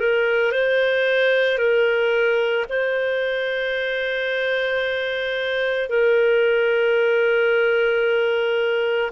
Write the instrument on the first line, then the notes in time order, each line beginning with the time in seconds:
clarinet
0.00 A#4
0.52 C5
1.58 A#4
2.70 C5
5.89 A#4